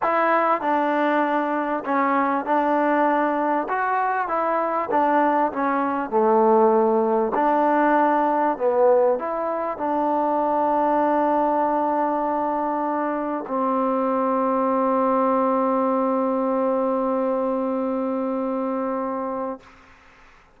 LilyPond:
\new Staff \with { instrumentName = "trombone" } { \time 4/4 \tempo 4 = 98 e'4 d'2 cis'4 | d'2 fis'4 e'4 | d'4 cis'4 a2 | d'2 b4 e'4 |
d'1~ | d'2 c'2~ | c'1~ | c'1 | }